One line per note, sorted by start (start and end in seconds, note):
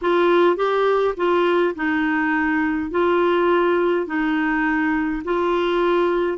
0.01 0.56 F4
0.56 1.14 G4
1.16 1.74 F4
1.75 2.90 D#4
2.90 4.06 F4
4.06 5.23 D#4
5.24 6.38 F4